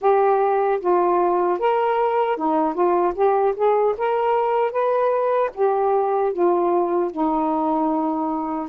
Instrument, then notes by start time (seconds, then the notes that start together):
saxophone
0.01 G4
0.80 F4
1.59 A#4
2.36 D#4
2.74 F4
3.14 G4
3.55 G#4
3.97 A#4
4.71 B4
5.54 G4
6.32 F4
7.11 D#4